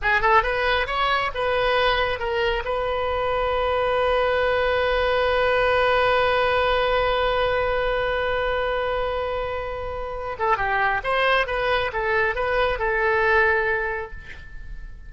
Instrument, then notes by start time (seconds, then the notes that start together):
oboe
0.02 G#4
0.21 A4
0.43 B4
0.87 C#5
1.34 B4
2.19 A#4
2.65 B4
10.38 A4
10.57 G4
11.03 C5
11.46 B4
11.93 A4
12.35 B4
12.78 A4